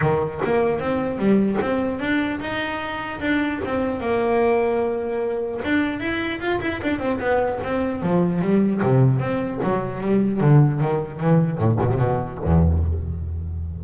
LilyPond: \new Staff \with { instrumentName = "double bass" } { \time 4/4 \tempo 4 = 150 dis4 ais4 c'4 g4 | c'4 d'4 dis'2 | d'4 c'4 ais2~ | ais2 d'4 e'4 |
f'8 e'8 d'8 c'8 b4 c'4 | f4 g4 c4 c'4 | fis4 g4 d4 dis4 | e4 a,8 b,16 c16 b,4 e,4 | }